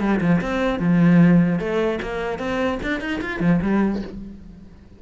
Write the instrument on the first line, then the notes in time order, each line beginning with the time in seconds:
cello
0.00 G3
0.21 F3
0.41 C4
0.79 F3
1.59 A3
2.02 A#3
2.39 C4
2.83 D4
3.00 D#4
3.21 F4
3.40 F3
3.62 G3